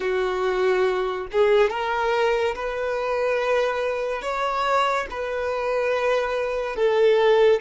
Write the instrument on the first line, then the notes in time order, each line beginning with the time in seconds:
violin
0.00 F#4
1.32 G#4
1.70 A#4
2.55 B4
4.21 C#5
5.10 B4
6.76 A4